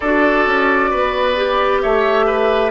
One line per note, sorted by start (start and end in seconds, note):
0.00 0.46 D4
0.00 1.36 F#4
0.00 0.90 A4
0.00 1.80 D5
0.46 0.91 C#4
0.90 1.84 B3
0.90 1.81 B4
1.36 2.71 G4
1.82 2.71 A3
1.82 2.26 C#5
1.82 2.71 E5
2.26 2.71 B4